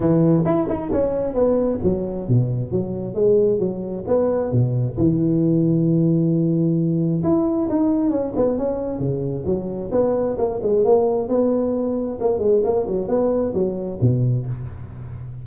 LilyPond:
\new Staff \with { instrumentName = "tuba" } { \time 4/4 \tempo 4 = 133 e4 e'8 dis'8 cis'4 b4 | fis4 b,4 fis4 gis4 | fis4 b4 b,4 e4~ | e1 |
e'4 dis'4 cis'8 b8 cis'4 | cis4 fis4 b4 ais8 gis8 | ais4 b2 ais8 gis8 | ais8 fis8 b4 fis4 b,4 | }